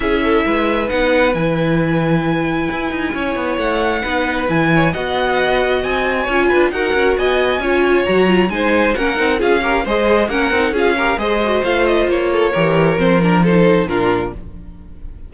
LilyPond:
<<
  \new Staff \with { instrumentName = "violin" } { \time 4/4 \tempo 4 = 134 e''2 fis''4 gis''4~ | gis''1 | fis''2 gis''4 fis''4~ | fis''4 gis''2 fis''4 |
gis''2 ais''4 gis''4 | fis''4 f''4 dis''4 fis''4 | f''4 dis''4 f''8 dis''8 cis''4~ | cis''4 c''8 ais'8 c''4 ais'4 | }
  \new Staff \with { instrumentName = "violin" } { \time 4/4 gis'8 a'8 b'2.~ | b'2. cis''4~ | cis''4 b'4. cis''8 dis''4~ | dis''2 cis''8 b'8 ais'4 |
dis''4 cis''2 c''4 | ais'4 gis'8 ais'8 c''4 ais'4 | gis'8 ais'8 c''2~ c''8 a'8 | ais'2 a'4 f'4 | }
  \new Staff \with { instrumentName = "viola" } { \time 4/4 e'2 dis'4 e'4~ | e'1~ | e'4 dis'4 e'4 fis'4~ | fis'2 f'4 fis'4~ |
fis'4 f'4 fis'8 f'8 dis'4 | cis'8 dis'8 f'8 g'8 gis'4 cis'8 dis'8 | f'8 g'8 gis'8 fis'8 f'2 | g'4 c'8 d'8 dis'4 d'4 | }
  \new Staff \with { instrumentName = "cello" } { \time 4/4 cis'4 gis4 b4 e4~ | e2 e'8 dis'8 cis'8 b8 | a4 b4 e4 b4~ | b4 c'4 cis'8 d'8 dis'8 cis'8 |
b4 cis'4 fis4 gis4 | ais8 c'8 cis'4 gis4 ais8 c'8 | cis'4 gis4 a4 ais4 | e4 f2 ais,4 | }
>>